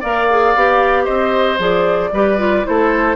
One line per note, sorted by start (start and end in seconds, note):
0.00 0.55 A#3
0.00 0.28 A#4
0.00 1.05 D5
0.00 1.05 F5
0.29 0.56 G#4
0.55 1.08 B3
0.55 1.58 G4
1.05 1.59 C4
1.05 2.10 C5
1.05 1.58 D#5
1.58 2.12 F3
1.58 2.11 G#4
1.58 2.66 D5
2.12 2.65 G3
2.12 2.38 G4
2.12 2.66 B4
2.38 2.64 F4
2.64 3.16 A3
2.64 3.16 E4
2.64 3.16 A4
2.64 3.16 C5